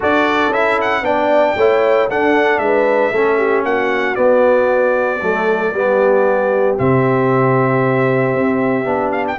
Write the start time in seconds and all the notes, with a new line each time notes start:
0.00 D4 F#4 A4 D5
0.49 C#4 E4 E5
0.81 F#5
1.01 B3 D4 D5 G5
1.56 A3 E4 C#5
2.08 D4 A4 F#5
2.58 G#3 B4 E5
3.12 A3 C#4 A4
3.38 G4
3.63 A#3 F#4 F#5
4.15 B3 D5
5.21 F#3 A3 A4
5.73 G3 B3 G4
6.78 C3 C4 E5
8.34 C4
8.84 B3 D4
9.12 F5
9.27 G5